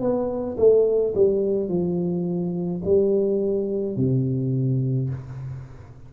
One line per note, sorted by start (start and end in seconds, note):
0.00 0.57 B3
0.57 1.14 A3
1.14 1.68 G3
1.68 2.81 F3
2.85 3.96 G3
3.96 5.09 C3